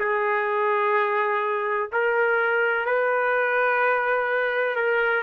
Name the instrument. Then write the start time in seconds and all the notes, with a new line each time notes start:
trumpet
0.00 G#4
1.93 A#4
2.86 B4
4.76 A#4